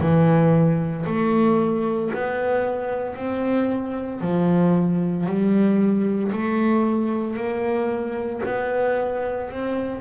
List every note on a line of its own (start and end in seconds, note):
0.00 1.05 E3
1.06 2.11 A3
2.14 3.16 B3
3.16 4.21 C4
4.21 5.26 F3
5.26 6.32 G3
6.32 7.37 A3
7.37 8.42 A#3
8.45 9.51 B3
9.51 10.00 C4